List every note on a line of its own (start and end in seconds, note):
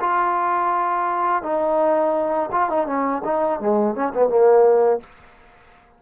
0.00 1.43 F4
1.43 2.50 D#4
2.52 2.69 F4
2.69 2.86 D#4
2.86 3.22 C#4
3.24 3.60 D#4
3.60 3.95 G#3
3.95 4.13 C#4
4.14 4.29 B3
4.29 5.00 A#3